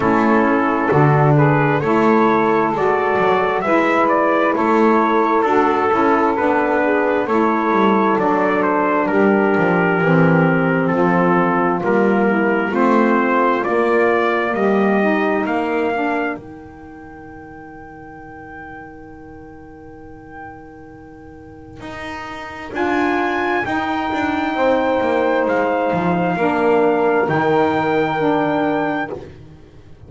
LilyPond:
<<
  \new Staff \with { instrumentName = "trumpet" } { \time 4/4 \tempo 4 = 66 a'4. b'8 cis''4 d''4 | e''8 d''8 cis''4 a'4 b'4 | cis''4 d''8 c''8 ais'2 | a'4 ais'4 c''4 d''4 |
dis''4 f''4 g''2~ | g''1~ | g''4 gis''4 g''2 | f''2 g''2 | }
  \new Staff \with { instrumentName = "saxophone" } { \time 4/4 e'4 fis'8 gis'8 a'2 | b'4 a'2~ a'8 gis'8 | a'2 g'2 | f'4. e'8 f'2 |
g'4 ais'2.~ | ais'1~ | ais'2. c''4~ | c''4 ais'2. | }
  \new Staff \with { instrumentName = "saxophone" } { \time 4/4 cis'4 d'4 e'4 fis'4 | e'2 fis'8 e'8 d'4 | e'4 d'2 c'4~ | c'4 ais4 c'4 ais4~ |
ais8 dis'4 d'8 dis'2~ | dis'1~ | dis'4 f'4 dis'2~ | dis'4 d'4 dis'4 d'4 | }
  \new Staff \with { instrumentName = "double bass" } { \time 4/4 a4 d4 a4 gis8 fis8 | gis4 a4 d'8 cis'8 b4 | a8 g8 fis4 g8 f8 e4 | f4 g4 a4 ais4 |
g4 ais4 dis2~ | dis1 | dis'4 d'4 dis'8 d'8 c'8 ais8 | gis8 f8 ais4 dis2 | }
>>